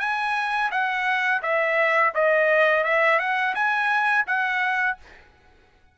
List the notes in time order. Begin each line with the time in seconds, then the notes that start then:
0.00 G#5
0.71 F#5
1.42 E5
2.15 D#5
2.84 E5
3.19 F#5
3.55 G#5
4.27 F#5